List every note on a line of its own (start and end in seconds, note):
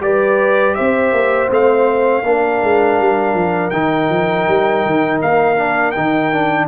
0.00 0.74 G3
0.00 1.49 G4
0.00 0.76 B4
0.00 0.75 D5
0.75 1.12 C4
0.75 2.24 C5
0.75 1.49 E5
1.12 1.49 A#3
1.49 2.23 A3
1.49 2.23 C4
1.49 3.70 F5
2.23 2.60 A#3
2.23 3.72 D4
2.23 6.68 A#4
2.62 2.99 G#3
2.99 3.34 G3
3.34 3.71 F3
3.70 4.09 D#3
3.70 5.56 D#4
3.70 5.18 G5
4.09 4.46 F3
4.48 4.85 G3
4.85 5.22 D#3
5.22 5.96 A#3
5.22 5.91 F5
5.56 5.94 D4
5.91 6.68 D#3
5.91 6.32 D#4
5.91 6.65 G5
6.32 6.68 D4